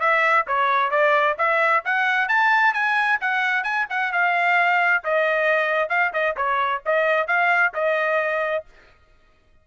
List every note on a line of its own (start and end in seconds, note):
0.00 0.45 E5
0.47 0.91 C#5
0.91 1.36 D5
1.38 1.83 E5
1.85 2.28 F#5
2.28 2.74 A5
2.74 3.19 G#5
3.21 3.63 F#5
3.63 3.86 G#5
3.90 4.12 F#5
4.13 5.04 F5
5.04 5.89 D#5
5.89 6.12 F5
6.13 6.36 D#5
6.36 6.82 C#5
6.86 7.27 D#5
7.27 7.73 F5
7.74 8.65 D#5